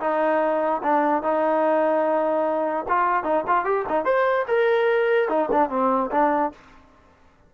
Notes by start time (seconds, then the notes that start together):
0.00 D#4
0.83 D4
1.23 D#4
2.88 F4
3.24 D#4
3.47 F4
3.65 G4
3.89 D#4
4.05 C5
4.48 A#4
5.29 D#4
5.52 D4
5.70 C4
6.11 D4